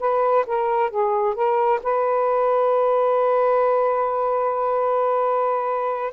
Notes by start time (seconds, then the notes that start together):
0.00 B4
0.47 A#4
0.90 G#4
1.35 A#4
1.83 B4